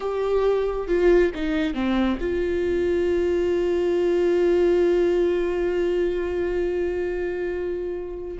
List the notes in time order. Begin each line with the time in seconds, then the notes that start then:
0.00 G4
0.87 F4
1.35 D#4
1.74 C4
2.20 F4